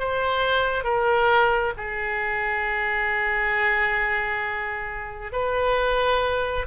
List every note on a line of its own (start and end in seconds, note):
0.00 0.84 C5
0.84 1.74 A#4
1.77 5.32 G#4
5.32 6.67 B4